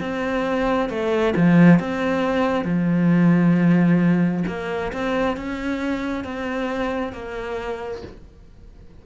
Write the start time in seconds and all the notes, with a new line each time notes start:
0.00 C4
0.89 A3
1.36 F3
1.79 C4
2.64 F3
4.47 A#3
4.93 C4
5.36 C#4
6.24 C4
7.12 A#3